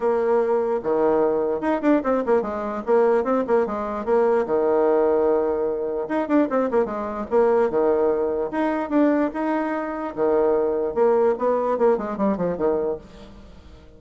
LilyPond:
\new Staff \with { instrumentName = "bassoon" } { \time 4/4 \tempo 4 = 148 ais2 dis2 | dis'8 d'8 c'8 ais8 gis4 ais4 | c'8 ais8 gis4 ais4 dis4~ | dis2. dis'8 d'8 |
c'8 ais8 gis4 ais4 dis4~ | dis4 dis'4 d'4 dis'4~ | dis'4 dis2 ais4 | b4 ais8 gis8 g8 f8 dis4 | }